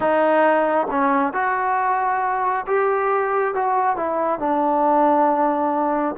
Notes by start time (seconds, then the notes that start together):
0.00 D#4
0.90 C#4
1.33 F#4
2.67 G4
3.54 F#4
3.96 E4
4.39 D4